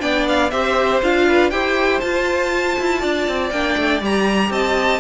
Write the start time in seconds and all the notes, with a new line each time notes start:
0.00 B3 D4 D5 G5
0.29 F5
0.51 C4 G4 C5 E5
1.03 D4 F4 F5
1.28 B4
1.51 E4 G4 C5 G5
2.00 F4 A5
2.80 E4
3.00 D4 D5
3.28 C4
3.51 A#3 D4 G5
3.77 A3
4.02 G3 G4 A#5
4.51 C4 D#5 A5